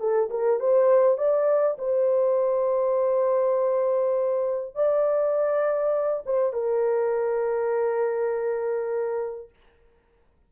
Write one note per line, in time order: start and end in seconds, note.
0.00 0.30 A4
0.31 0.60 A#4
0.60 1.18 C5
1.18 1.77 D5
1.78 4.75 C5
4.75 6.23 D5
6.26 6.53 C5
6.53 9.50 A#4